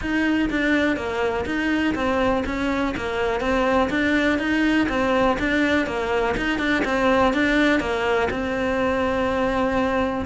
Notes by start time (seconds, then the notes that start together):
0.01 D#4
0.50 D4
0.96 A#3
1.45 D#4
1.94 C4
2.45 C#4
2.96 A#3
3.40 C4
3.90 D4
4.38 D#4
4.88 C4
5.39 D4
5.86 A#3
6.36 D#4
6.58 D4
6.84 C4
7.33 D4
7.80 A#3
8.30 C4